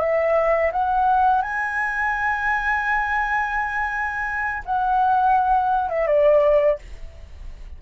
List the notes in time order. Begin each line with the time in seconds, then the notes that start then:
0.00 E5
0.72 F#5
1.42 G#5
4.65 F#5
5.89 E5
6.07 D5